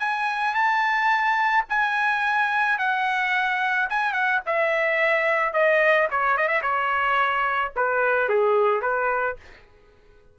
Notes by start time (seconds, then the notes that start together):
0.00 G#5
0.55 A5
1.69 G#5
2.79 F#5
3.90 G#5
4.13 F#5
4.46 E5
5.53 D#5
6.11 C#5
6.37 D#5
6.48 E5
6.62 C#5
7.76 B4
8.29 G#4
8.82 B4